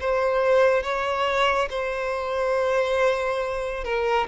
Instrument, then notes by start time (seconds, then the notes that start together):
violin
0.00 C5
0.83 C#5
1.70 C5
3.84 A#4